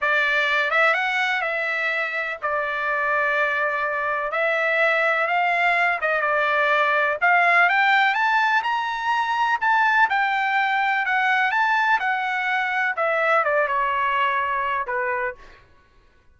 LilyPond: \new Staff \with { instrumentName = "trumpet" } { \time 4/4 \tempo 4 = 125 d''4. e''8 fis''4 e''4~ | e''4 d''2.~ | d''4 e''2 f''4~ | f''8 dis''8 d''2 f''4 |
g''4 a''4 ais''2 | a''4 g''2 fis''4 | a''4 fis''2 e''4 | d''8 cis''2~ cis''8 b'4 | }